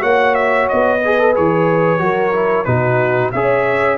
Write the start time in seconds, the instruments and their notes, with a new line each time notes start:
0.00 tuba A#3, trombone F#4, horn C#5, trumpet F#5
0.35 trumpet E5
0.69 tuba B3, trumpet D#5
1.05 trombone G#4, horn B4
1.19 trombone A4
1.36 tuba E3, trombone G#4, trumpet C#5
1.99 tuba F#3, trombone F#4, horn A#4
2.33 trombone E4
2.65 tuba B2, trombone D#4, horn F#4, trumpet B4
3.32 tuba C#4, trombone G#4, horn C#5, trumpet E5